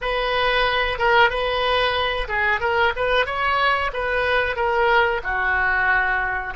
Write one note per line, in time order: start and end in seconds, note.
0.01 0.98 B4
0.98 1.30 A#4
1.30 2.27 B4
2.28 2.60 G#4
2.60 2.93 A#4
2.96 3.25 B4
3.25 3.91 C#5
3.93 4.56 B4
4.56 5.21 A#4
5.23 6.54 F#4